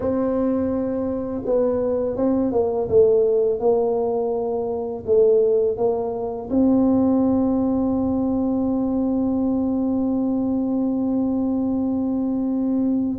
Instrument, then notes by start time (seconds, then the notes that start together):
tuba
0.00 C4
1.45 B3
2.16 C4
2.52 A#3
2.88 A3
3.59 A#3
5.06 A3
5.77 A#3
6.50 C4